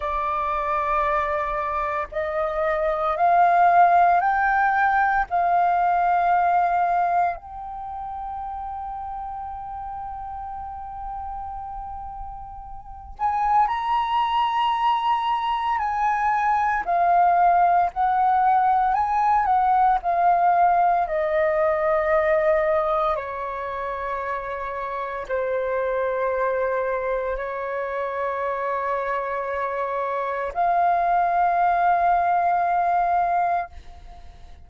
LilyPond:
\new Staff \with { instrumentName = "flute" } { \time 4/4 \tempo 4 = 57 d''2 dis''4 f''4 | g''4 f''2 g''4~ | g''1~ | g''8 gis''8 ais''2 gis''4 |
f''4 fis''4 gis''8 fis''8 f''4 | dis''2 cis''2 | c''2 cis''2~ | cis''4 f''2. | }